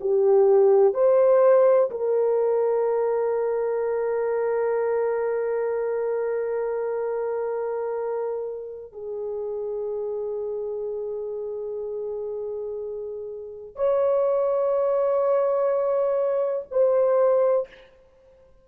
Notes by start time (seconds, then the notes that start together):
0.00 G4
0.93 C5
1.90 A#4
8.92 G#4
13.76 C#5
16.71 C5